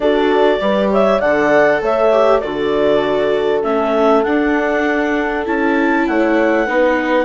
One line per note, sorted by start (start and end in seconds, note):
0.00 0.57 D4
0.00 0.59 F#4
0.00 0.61 A4
0.00 0.89 D5
0.59 1.20 G3
0.59 1.20 G4
0.59 0.91 B4
0.91 1.20 C#5
0.91 1.20 E5
1.20 1.81 D3
1.20 2.12 A4
1.20 1.80 D5
1.20 1.81 F#5
1.81 2.42 A3
1.81 2.41 C#5
1.81 2.40 E5
2.12 2.42 G4
2.40 3.63 D3
2.40 3.62 F#4
2.40 6.05 A4
2.40 3.61 D5
3.62 4.24 A3
3.62 4.23 C#4
3.62 4.23 E5
4.23 5.45 D4
4.23 5.46 D4
4.23 5.44 F#5
5.45 6.07 C#4
5.45 6.66 E4
5.45 6.07 A5
6.07 6.68 A3
6.07 6.66 C#5
6.07 7.25 F#5
6.66 7.25 B3
6.66 7.25 D#4
6.66 7.25 B4